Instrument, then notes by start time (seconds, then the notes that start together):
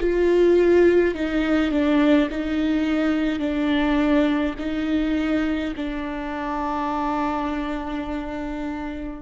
viola
0.00 F4
1.14 D#4
1.70 D4
2.30 D#4
3.39 D4
4.58 D#4
5.76 D4